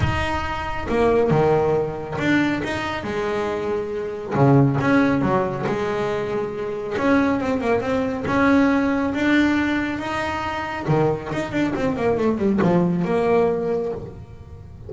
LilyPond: \new Staff \with { instrumentName = "double bass" } { \time 4/4 \tempo 4 = 138 dis'2 ais4 dis4~ | dis4 d'4 dis'4 gis4~ | gis2 cis4 cis'4 | fis4 gis2. |
cis'4 c'8 ais8 c'4 cis'4~ | cis'4 d'2 dis'4~ | dis'4 dis4 dis'8 d'8 c'8 ais8 | a8 g8 f4 ais2 | }